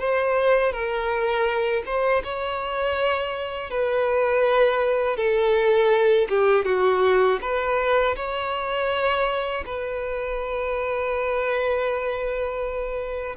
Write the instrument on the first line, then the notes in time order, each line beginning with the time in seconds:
violin
0.00 C5
0.73 A#4
1.86 C5
2.24 C#5
3.71 B4
5.17 A4
6.30 G4
6.66 F#4
7.42 B4
8.16 C#5
9.66 B4